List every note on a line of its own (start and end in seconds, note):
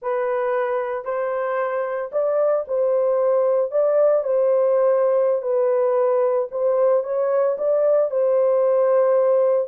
0.01 1.04 B4
1.04 2.10 C5
2.12 2.65 D5
2.67 3.71 C5
3.71 4.23 D5
4.23 5.42 C5
5.42 6.48 B4
6.51 7.03 C5
7.03 7.56 C#5
7.57 8.10 D5
8.10 9.68 C5